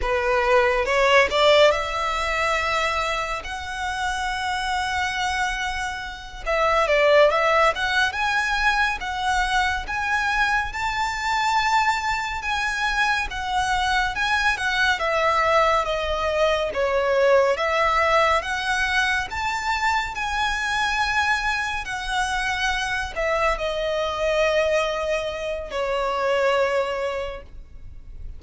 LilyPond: \new Staff \with { instrumentName = "violin" } { \time 4/4 \tempo 4 = 70 b'4 cis''8 d''8 e''2 | fis''2.~ fis''8 e''8 | d''8 e''8 fis''8 gis''4 fis''4 gis''8~ | gis''8 a''2 gis''4 fis''8~ |
fis''8 gis''8 fis''8 e''4 dis''4 cis''8~ | cis''8 e''4 fis''4 a''4 gis''8~ | gis''4. fis''4. e''8 dis''8~ | dis''2 cis''2 | }